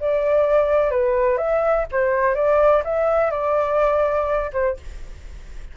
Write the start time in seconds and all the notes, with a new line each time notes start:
0.00 D5
0.91 B4
1.38 E5
1.92 C5
2.35 D5
2.85 E5
3.31 D5
4.53 C5